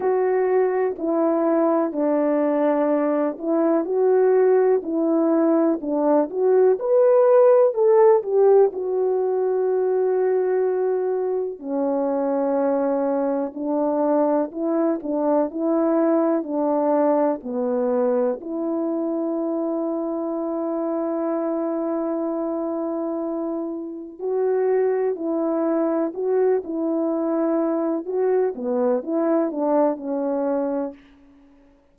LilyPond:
\new Staff \with { instrumentName = "horn" } { \time 4/4 \tempo 4 = 62 fis'4 e'4 d'4. e'8 | fis'4 e'4 d'8 fis'8 b'4 | a'8 g'8 fis'2. | cis'2 d'4 e'8 d'8 |
e'4 d'4 b4 e'4~ | e'1~ | e'4 fis'4 e'4 fis'8 e'8~ | e'4 fis'8 b8 e'8 d'8 cis'4 | }